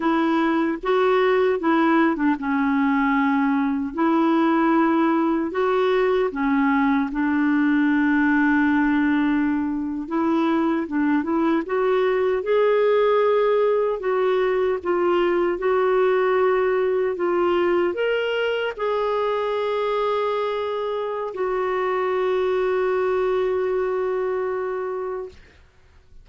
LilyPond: \new Staff \with { instrumentName = "clarinet" } { \time 4/4 \tempo 4 = 76 e'4 fis'4 e'8. d'16 cis'4~ | cis'4 e'2 fis'4 | cis'4 d'2.~ | d'8. e'4 d'8 e'8 fis'4 gis'16~ |
gis'4.~ gis'16 fis'4 f'4 fis'16~ | fis'4.~ fis'16 f'4 ais'4 gis'16~ | gis'2. fis'4~ | fis'1 | }